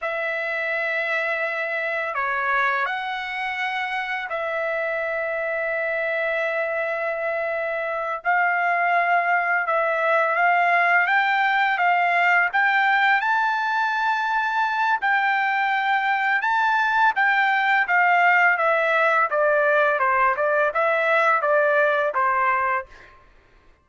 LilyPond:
\new Staff \with { instrumentName = "trumpet" } { \time 4/4 \tempo 4 = 84 e''2. cis''4 | fis''2 e''2~ | e''2.~ e''8 f''8~ | f''4. e''4 f''4 g''8~ |
g''8 f''4 g''4 a''4.~ | a''4 g''2 a''4 | g''4 f''4 e''4 d''4 | c''8 d''8 e''4 d''4 c''4 | }